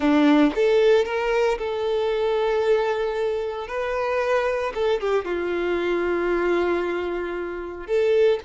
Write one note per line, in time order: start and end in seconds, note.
0.00 0.52 D4
0.55 1.05 A4
1.05 1.58 A#4
1.58 3.67 A4
3.67 4.72 B4
4.74 5.00 A4
5.00 5.24 G4
5.24 7.87 F4
7.87 8.39 A4